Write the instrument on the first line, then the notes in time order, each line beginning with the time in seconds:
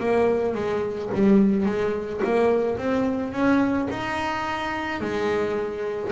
double bass
0.00 A#3
0.55 G#3
1.14 G3
1.66 G#3
2.24 A#3
2.78 C4
3.33 C#4
3.91 D#4
5.01 G#3